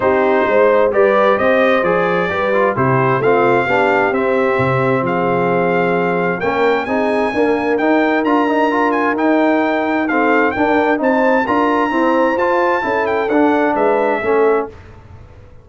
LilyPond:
<<
  \new Staff \with { instrumentName = "trumpet" } { \time 4/4 \tempo 4 = 131 c''2 d''4 dis''4 | d''2 c''4 f''4~ | f''4 e''2 f''4~ | f''2 g''4 gis''4~ |
gis''4 g''4 ais''4. gis''8 | g''2 f''4 g''4 | a''4 ais''2 a''4~ | a''8 g''8 fis''4 e''2 | }
  \new Staff \with { instrumentName = "horn" } { \time 4/4 g'4 c''4 b'4 c''4~ | c''4 b'4 g'4 f'4 | g'2. gis'4~ | gis'2 ais'4 gis'4 |
ais'1~ | ais'2 a'4 ais'4 | c''4 ais'4 c''2 | a'2 b'4 a'4 | }
  \new Staff \with { instrumentName = "trombone" } { \time 4/4 dis'2 g'2 | gis'4 g'8 f'8 e'4 c'4 | d'4 c'2.~ | c'2 cis'4 dis'4 |
ais4 dis'4 f'8 dis'8 f'4 | dis'2 c'4 d'4 | dis'4 f'4 c'4 f'4 | e'4 d'2 cis'4 | }
  \new Staff \with { instrumentName = "tuba" } { \time 4/4 c'4 gis4 g4 c'4 | f4 g4 c4 a4 | b4 c'4 c4 f4~ | f2 ais4 c'4 |
d'4 dis'4 d'2 | dis'2. d'4 | c'4 d'4 e'4 f'4 | cis'4 d'4 gis4 a4 | }
>>